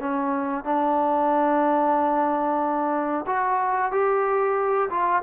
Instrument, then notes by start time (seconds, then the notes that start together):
trombone
0.00 C#4
0.65 D4
3.27 F#4
3.92 G4
4.90 F4